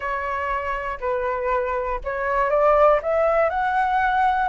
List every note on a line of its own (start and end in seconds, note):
0.00 0.98 C#5
1.00 2.00 B4
2.04 2.50 C#5
2.50 3.00 D5
3.02 3.49 E5
3.49 4.48 F#5